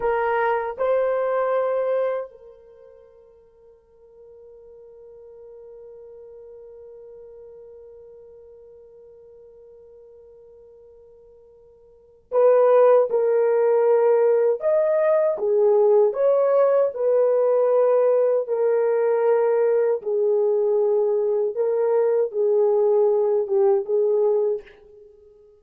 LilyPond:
\new Staff \with { instrumentName = "horn" } { \time 4/4 \tempo 4 = 78 ais'4 c''2 ais'4~ | ais'1~ | ais'1~ | ais'1 |
b'4 ais'2 dis''4 | gis'4 cis''4 b'2 | ais'2 gis'2 | ais'4 gis'4. g'8 gis'4 | }